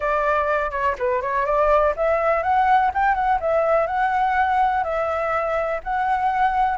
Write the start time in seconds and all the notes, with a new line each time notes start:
0.00 D5
0.70 C#5
0.98 B4
1.21 C#5
1.45 D5
1.96 E5
2.43 F#5
2.94 G5
3.14 F#5
3.40 E5
3.86 F#5
4.83 E5
5.83 F#5